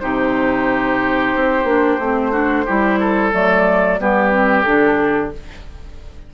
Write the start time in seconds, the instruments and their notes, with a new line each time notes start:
0.00 bassoon C3, clarinet D#4, oboe G4, flute C5
1.35 bassoon C4
1.64 bassoon A#3, clarinet D4
1.99 bassoon A3, clarinet C4
2.32 clarinet D4, oboe F#4
2.66 bassoon G3, clarinet E4, oboe G4
3.00 oboe A4
3.32 bassoon F#3, clarinet A3, flute D5
4.00 bassoon G3, clarinet B3, oboe G4, flute B4
4.32 clarinet C4
4.62 bassoon D3, clarinet D4, flute A4